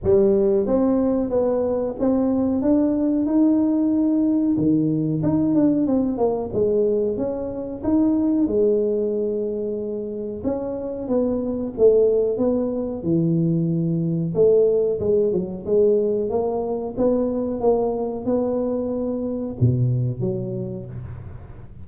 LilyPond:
\new Staff \with { instrumentName = "tuba" } { \time 4/4 \tempo 4 = 92 g4 c'4 b4 c'4 | d'4 dis'2 dis4 | dis'8 d'8 c'8 ais8 gis4 cis'4 | dis'4 gis2. |
cis'4 b4 a4 b4 | e2 a4 gis8 fis8 | gis4 ais4 b4 ais4 | b2 b,4 fis4 | }